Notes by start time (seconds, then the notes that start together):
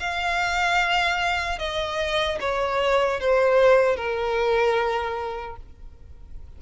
0.00 F5
1.59 D#5
2.40 C#5
3.21 C5
3.96 A#4